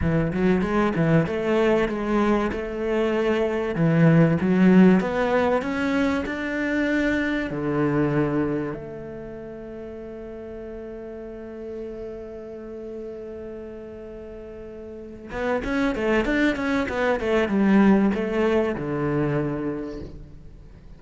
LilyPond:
\new Staff \with { instrumentName = "cello" } { \time 4/4 \tempo 4 = 96 e8 fis8 gis8 e8 a4 gis4 | a2 e4 fis4 | b4 cis'4 d'2 | d2 a2~ |
a1~ | a1~ | a8 b8 cis'8 a8 d'8 cis'8 b8 a8 | g4 a4 d2 | }